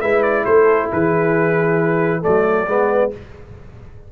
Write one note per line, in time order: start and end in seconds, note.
0.00 0.46 G#3
0.00 2.22 E4
0.00 0.44 B4
0.00 0.22 E5
0.22 0.44 D5
0.45 0.91 A3
0.45 0.90 A4
0.45 0.89 C5
0.90 2.25 E3
0.90 2.21 G#4
0.90 2.23 B4
2.21 2.67 F#3
2.21 2.66 A3
2.21 2.65 A4
2.21 3.11 D5
2.66 3.11 G#3
2.66 3.10 B3
2.66 3.11 B4